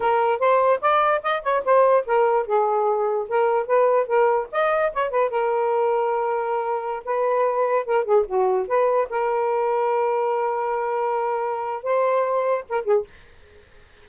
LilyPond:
\new Staff \with { instrumentName = "saxophone" } { \time 4/4 \tempo 4 = 147 ais'4 c''4 d''4 dis''8 cis''8 | c''4 ais'4 gis'2 | ais'4 b'4 ais'4 dis''4 | cis''8 b'8 ais'2.~ |
ais'4~ ais'16 b'2 ais'8 gis'16~ | gis'16 fis'4 b'4 ais'4.~ ais'16~ | ais'1~ | ais'4 c''2 ais'8 gis'8 | }